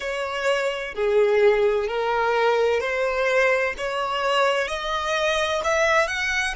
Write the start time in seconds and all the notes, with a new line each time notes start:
0.00 C#5
0.94 G#4
1.87 A#4
2.80 C5
3.77 C#5
4.67 D#5
5.64 E5
6.07 F#5